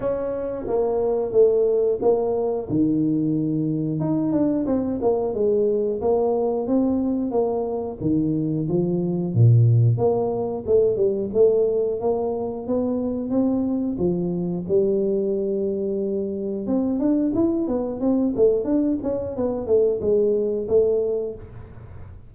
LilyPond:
\new Staff \with { instrumentName = "tuba" } { \time 4/4 \tempo 4 = 90 cis'4 ais4 a4 ais4 | dis2 dis'8 d'8 c'8 ais8 | gis4 ais4 c'4 ais4 | dis4 f4 ais,4 ais4 |
a8 g8 a4 ais4 b4 | c'4 f4 g2~ | g4 c'8 d'8 e'8 b8 c'8 a8 | d'8 cis'8 b8 a8 gis4 a4 | }